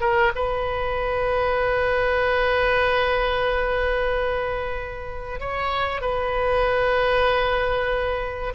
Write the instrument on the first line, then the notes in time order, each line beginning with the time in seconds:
oboe
0.00 A#4
0.35 B4
5.40 C#5
6.01 B4